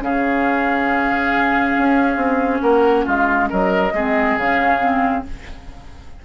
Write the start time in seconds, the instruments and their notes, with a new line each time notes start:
0.00 bassoon C#3, clarinet C#4, oboe G#4, flute F5
1.78 bassoon C#4
2.17 bassoon C4
2.61 bassoon A#3, oboe A#4, flute F#5
3.05 bassoon G#3, oboe F4, flute F5
3.50 bassoon F#3, oboe A#4, flute D#5
3.93 bassoon G#3, clarinet C4, oboe G#4
4.37 bassoon C#3, clarinet C#4, flute F5
4.80 clarinet C4